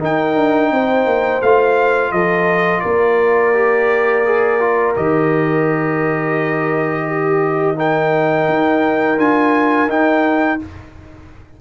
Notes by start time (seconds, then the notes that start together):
0.00 D#4 A#4 G5
0.36 D4
0.71 C4 C5
1.06 A#3
1.42 A3 F4 F5
2.12 F3 A4 D#5
2.80 A#3 A#4 D5
3.54 G4
4.25 G#4
4.60 F4
4.96 D#3 G4 D#5
7.06 G4
7.76 D#4 A#4 G5
8.48 D#4
9.17 D4 F4 G#5
9.87 D#4 G5